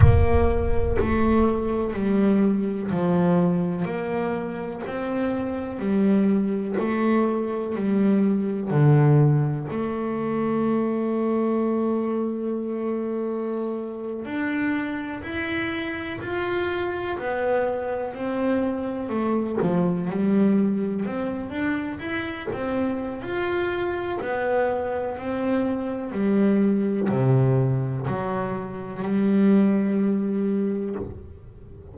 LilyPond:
\new Staff \with { instrumentName = "double bass" } { \time 4/4 \tempo 4 = 62 ais4 a4 g4 f4 | ais4 c'4 g4 a4 | g4 d4 a2~ | a2~ a8. d'4 e'16~ |
e'8. f'4 b4 c'4 a16~ | a16 f8 g4 c'8 d'8 e'8 c'8. | f'4 b4 c'4 g4 | c4 fis4 g2 | }